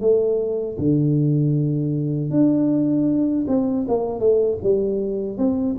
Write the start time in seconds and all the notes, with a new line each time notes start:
0.00 A3
0.78 D3
2.30 D4
3.47 C4
3.88 A#3
4.19 A3
4.63 G3
5.37 C4